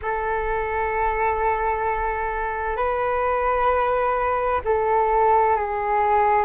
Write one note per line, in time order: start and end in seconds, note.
0.02 2.76 A4
2.76 4.61 B4
4.64 5.56 A4
5.56 6.45 G#4